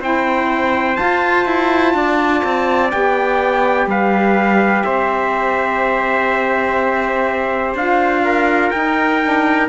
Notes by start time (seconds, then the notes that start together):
0.00 C4 E4 C5 G5
0.95 F4 A5
1.46 E4
1.94 D4 D5
2.44 C4
2.92 B3 G4 G5
3.87 G3 B4 F5
4.84 C4 C5 E5
7.75 D4 F4 F5
8.25 A#4
8.71 D#4 G5
9.22 D4